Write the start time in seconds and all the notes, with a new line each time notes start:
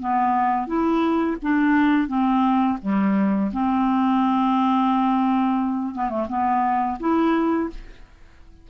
0.00 B3
0.67 E4
1.42 D4
2.08 C4
2.82 G3
3.53 C4
5.95 B3
6.10 A3
6.29 B3
7.00 E4